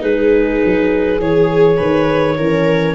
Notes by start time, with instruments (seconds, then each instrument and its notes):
0.00 tuba G#3, viola D#4, horn G#4, clarinet B4
0.65 tuba F#3
1.19 tuba E3, viola G#4, clarinet C#5
1.77 tuba D#3, viola B4
2.38 tuba E3, horn C#4, viola A#4